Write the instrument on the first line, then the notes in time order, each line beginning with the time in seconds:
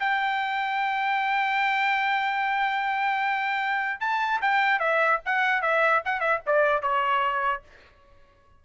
trumpet
0.00 G5
4.01 A5
4.42 G5
4.80 E5
5.26 F#5
5.62 E5
6.05 F#5
6.20 E5
6.46 D5
6.82 C#5